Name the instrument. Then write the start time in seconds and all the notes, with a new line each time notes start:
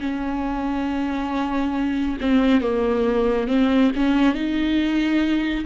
viola
0.00 C#4
2.21 C4
2.61 A#3
3.48 C4
3.96 C#4
4.35 D#4